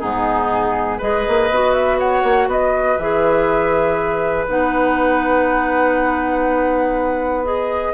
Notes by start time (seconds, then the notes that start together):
0.00 G#2 B3 D#4 G#4
0.98 G#3 G#4 B4 D#5
1.28 A#3
1.51 B3 F#4
1.74 E5
2.00 C#5 F#5
2.23 A#3
2.48 B3 B4 D#5
2.98 E3 G#4 E5
4.48 B3 D#4 F#5
7.45 G#4 D#5